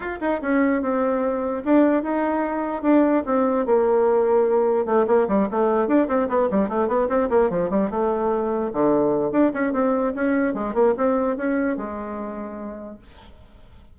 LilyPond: \new Staff \with { instrumentName = "bassoon" } { \time 4/4 \tempo 4 = 148 f'8 dis'8 cis'4 c'2 | d'4 dis'2 d'4 | c'4 ais2. | a8 ais8 g8 a4 d'8 c'8 b8 |
g8 a8 b8 c'8 ais8 f8 g8 a8~ | a4. d4. d'8 cis'8 | c'4 cis'4 gis8 ais8 c'4 | cis'4 gis2. | }